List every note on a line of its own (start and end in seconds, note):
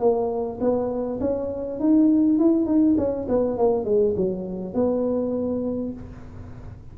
0.00 0.59 A#3
0.61 1.20 B3
1.20 1.80 C#4
1.80 2.39 D#4
2.39 2.66 E4
2.66 2.96 D#4
2.98 3.28 C#4
3.29 3.58 B3
3.58 3.85 A#3
3.85 4.15 G#3
4.17 4.74 F#3
4.74 5.93 B3